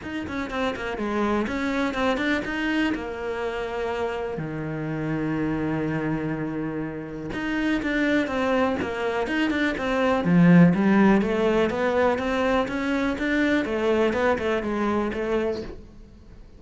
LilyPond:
\new Staff \with { instrumentName = "cello" } { \time 4/4 \tempo 4 = 123 dis'8 cis'8 c'8 ais8 gis4 cis'4 | c'8 d'8 dis'4 ais2~ | ais4 dis2.~ | dis2. dis'4 |
d'4 c'4 ais4 dis'8 d'8 | c'4 f4 g4 a4 | b4 c'4 cis'4 d'4 | a4 b8 a8 gis4 a4 | }